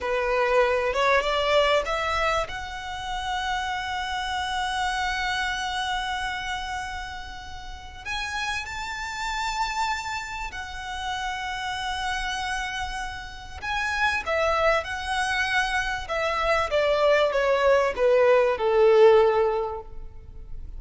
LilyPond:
\new Staff \with { instrumentName = "violin" } { \time 4/4 \tempo 4 = 97 b'4. cis''8 d''4 e''4 | fis''1~ | fis''1~ | fis''4 gis''4 a''2~ |
a''4 fis''2.~ | fis''2 gis''4 e''4 | fis''2 e''4 d''4 | cis''4 b'4 a'2 | }